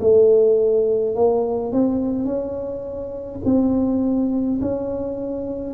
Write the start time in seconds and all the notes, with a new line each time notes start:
0.00 A3
1.15 A#3
1.72 C4
2.25 C#4
3.45 C4
4.62 C#4